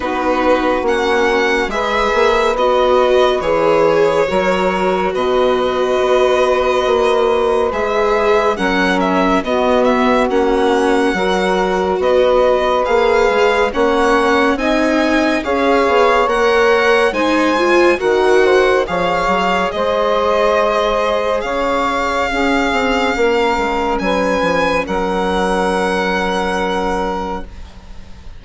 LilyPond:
<<
  \new Staff \with { instrumentName = "violin" } { \time 4/4 \tempo 4 = 70 b'4 fis''4 e''4 dis''4 | cis''2 dis''2~ | dis''4 e''4 fis''8 e''8 dis''8 e''8 | fis''2 dis''4 f''4 |
fis''4 gis''4 f''4 fis''4 | gis''4 fis''4 f''4 dis''4~ | dis''4 f''2. | gis''4 fis''2. | }
  \new Staff \with { instrumentName = "saxophone" } { \time 4/4 fis'2 b'2~ | b'4 ais'4 b'2~ | b'2 ais'4 fis'4~ | fis'4 ais'4 b'2 |
cis''4 dis''4 cis''2 | c''4 ais'8 c''8 cis''4 c''4~ | c''4 cis''4 gis'4 ais'4 | b'4 ais'2. | }
  \new Staff \with { instrumentName = "viola" } { \time 4/4 dis'4 cis'4 gis'4 fis'4 | gis'4 fis'2.~ | fis'4 gis'4 cis'4 b4 | cis'4 fis'2 gis'4 |
cis'4 dis'4 gis'4 ais'4 | dis'8 f'8 fis'4 gis'2~ | gis'2 cis'2~ | cis'1 | }
  \new Staff \with { instrumentName = "bassoon" } { \time 4/4 b4 ais4 gis8 ais8 b4 | e4 fis4 b,4 b4 | ais4 gis4 fis4 b4 | ais4 fis4 b4 ais8 gis8 |
ais4 c'4 cis'8 b8 ais4 | gis4 dis4 f8 fis8 gis4~ | gis4 cis4 cis'8 c'8 ais8 gis8 | fis8 f8 fis2. | }
>>